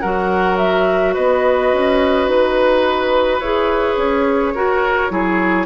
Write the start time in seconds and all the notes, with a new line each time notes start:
0.00 F#3 F#4 A#4 F#5
0.57 E5
1.14 B3 B4 D#5
1.72 C#4
2.27 D#4 B4
3.40 E4 G#4 C#5
3.97 C#4
4.54 F#4 A#4
5.09 F#3 E4 G#4